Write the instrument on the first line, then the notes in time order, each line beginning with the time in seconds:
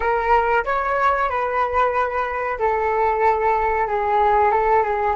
flute
0.00 A#4
0.65 C#5
1.29 B4
2.58 A4
3.87 G#4
4.51 A4
4.83 G#4